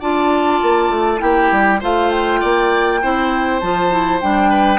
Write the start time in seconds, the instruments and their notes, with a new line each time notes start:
0.00 bassoon D4, clarinet F4, oboe D5, flute A5
0.62 bassoon A#3
0.89 bassoon A3
1.18 bassoon A#3, clarinet E4, oboe G4, flute G5
1.52 bassoon G3
1.80 bassoon A3, clarinet F4, oboe C5, flute F5
2.11 flute G5
2.40 bassoon A#3, oboe D5
3.02 bassoon C4, clarinet E4, oboe C5
3.60 bassoon F3, clarinet F4, flute A5
3.90 clarinet E4
4.21 bassoon G3, clarinet D4, flute G5
4.50 oboe B4